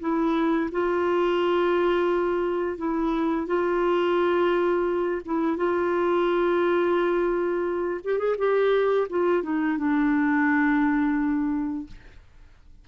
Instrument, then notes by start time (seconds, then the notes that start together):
clarinet
0.00 E4
0.71 F4
2.78 E4
3.47 F4
5.25 E4
5.57 F4
8.04 G4
8.18 G#4
8.38 G4
9.10 F4
9.43 D#4
9.78 D4